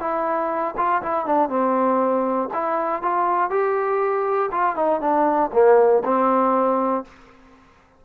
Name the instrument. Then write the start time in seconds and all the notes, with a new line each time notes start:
trombone
0.00 E4
0.77 F4
1.02 E4
1.26 D4
1.49 C4
2.54 E4
3.02 F4
3.50 G4
4.52 F4
4.76 D#4
5.01 D4
5.53 A#3
6.05 C4